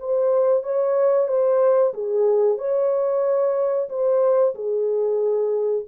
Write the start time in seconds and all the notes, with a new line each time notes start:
0.00 C5
0.64 C#5
1.29 C5
1.94 G#4
2.58 C#5
3.90 C5
4.55 G#4